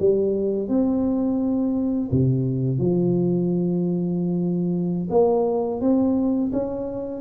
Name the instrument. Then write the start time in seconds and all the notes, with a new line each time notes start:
tuba
0.00 G3
0.69 C4
2.11 C3
2.79 F3
5.10 A#3
5.81 C4
6.53 C#4